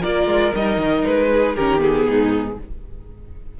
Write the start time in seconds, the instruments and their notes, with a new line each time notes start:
0.00 cello A#3, viola F4, violin A#4 D5
0.26 cello G#3
0.54 cello G3, viola D#4, violin D#5
0.77 cello D#3
1.04 cello G#3, violin B4
1.33 violin G#4
1.55 cello D#3, viola C#4, violin G4 A#4
1.78 viola B3, violin G#4
2.07 cello G#2, violin D#4